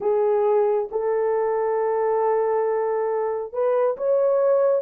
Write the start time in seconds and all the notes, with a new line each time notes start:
0.00 G#4
0.91 A4
3.52 B4
3.97 C#5